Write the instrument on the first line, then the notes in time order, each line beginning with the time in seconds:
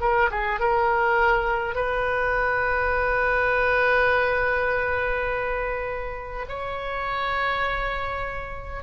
oboe
0.00 A#4
0.30 G#4
0.59 A#4
1.75 B4
6.48 C#5